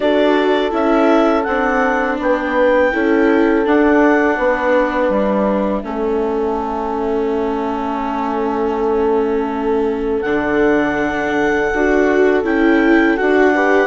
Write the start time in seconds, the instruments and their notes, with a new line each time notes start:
0.00 bassoon D4, viola F#4, horn A4, clarinet D5
0.70 bassoon C#4, viola E4, clarinet E5
1.43 bassoon C4, viola D4, clarinet F#5
2.19 bassoon B3, horn B4, clarinet G5
2.92 bassoon C#4, viola E4, horn A4
3.65 viola D4, bassoon D4, clarinet F#5
4.37 bassoon B3, horn B4
5.09 bassoon G3, clarinet E5
5.83 bassoon A3, viola C#4, horn A4
10.21 bassoon D3, viola D4, clarinet F#5
11.73 bassoon D4, viola F#4
12.43 bassoon C#4, viola E4, clarinet G5
13.16 bassoon D4, viola F#4, clarinet F#5
13.54 viola G4, horn B4